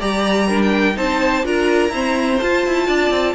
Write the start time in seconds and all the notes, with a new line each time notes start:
0.00 G3 G4 D5 A#5
0.48 D4 A#4
0.62 G5
0.94 C4 D#4 C5 A5
1.44 D4 F4 A#4 A#5
1.90 C4 E4 C5
2.40 F4 A5
2.66 E4
2.87 D4 D5
3.11 C4